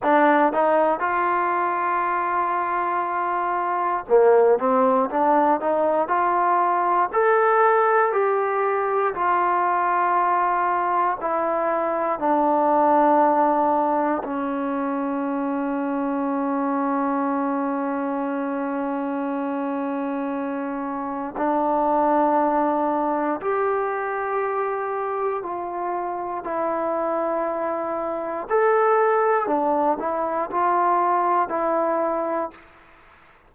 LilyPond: \new Staff \with { instrumentName = "trombone" } { \time 4/4 \tempo 4 = 59 d'8 dis'8 f'2. | ais8 c'8 d'8 dis'8 f'4 a'4 | g'4 f'2 e'4 | d'2 cis'2~ |
cis'1~ | cis'4 d'2 g'4~ | g'4 f'4 e'2 | a'4 d'8 e'8 f'4 e'4 | }